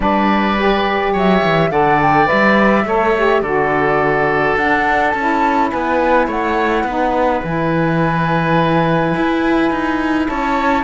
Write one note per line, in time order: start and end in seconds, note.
0.00 1.14 G3
0.00 0.57 D4
0.00 1.12 B4
0.00 1.14 D5
0.57 1.70 G4
1.12 1.42 F#3
1.12 1.70 C#5
1.12 1.71 E5
1.43 1.71 E3
1.70 2.28 D3
1.70 2.25 A4
1.70 2.86 D5
1.70 1.99 F#5
2.01 2.28 G5
2.25 2.82 B4
2.25 3.42 E5
2.31 2.84 G3
2.84 3.41 A3
2.84 3.16 A4
2.84 3.42 C#5
3.16 3.44 G4
3.41 4.56 D3
3.41 4.58 F#4
3.41 5.70 A4
3.41 4.56 D5
4.56 5.13 D4
4.56 5.15 D4
4.56 5.10 F#5
5.10 5.71 C#4
5.10 5.67 A5
5.17 6.88 E4
5.71 6.27 B3
5.71 6.26 B4
5.71 6.28 G#5
6.26 6.83 A3
6.26 6.84 C#5
6.26 7.43 F#5
6.83 7.40 B3
6.83 7.43 D#4
6.83 10.28 B4
7.43 9.15 E3
7.43 10.83 E4
7.43 10.27 G#5
9.16 9.70 E4
9.70 10.27 D#4
10.27 10.83 C#4
10.27 10.83 C#5
10.27 10.83 A5